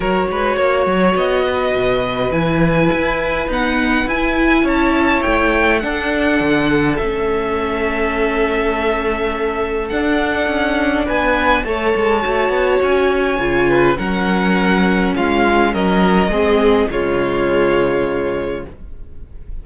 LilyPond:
<<
  \new Staff \with { instrumentName = "violin" } { \time 4/4 \tempo 4 = 103 cis''2 dis''2 | gis''2 fis''4 gis''4 | a''4 g''4 fis''2 | e''1~ |
e''4 fis''2 gis''4 | a''2 gis''2 | fis''2 f''4 dis''4~ | dis''4 cis''2. | }
  \new Staff \with { instrumentName = "violin" } { \time 4/4 ais'8 b'8 cis''4. b'4.~ | b'1 | cis''2 a'2~ | a'1~ |
a'2. b'4 | cis''2.~ cis''8 b'8 | ais'2 f'4 ais'4 | gis'4 f'2. | }
  \new Staff \with { instrumentName = "viola" } { \time 4/4 fis'1 | e'2 b4 e'4~ | e'2 d'2 | cis'1~ |
cis'4 d'2. | a'4 fis'2 f'4 | cis'1 | c'4 gis2. | }
  \new Staff \with { instrumentName = "cello" } { \time 4/4 fis8 gis8 ais8 fis8 b4 b,4 | e4 e'4 dis'4 e'4 | cis'4 a4 d'4 d4 | a1~ |
a4 d'4 cis'4 b4 | a8 gis8 a8 b8 cis'4 cis4 | fis2 gis4 fis4 | gis4 cis2. | }
>>